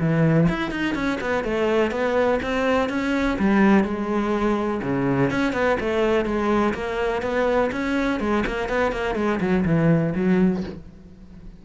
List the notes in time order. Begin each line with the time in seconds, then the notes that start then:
0.00 E3
0.49 E4
0.71 D#4
0.95 C#4
1.21 B3
1.44 A3
1.92 B3
2.43 C4
2.89 C#4
3.39 G3
3.84 G#3
4.83 C#3
5.31 C#4
5.53 B3
5.80 A3
6.26 G#3
6.74 A#3
7.22 B3
7.72 C#4
8.20 G#3
8.47 A#3
8.69 B3
8.92 A#3
9.15 G#3
9.41 F#3
9.65 E3
10.15 F#3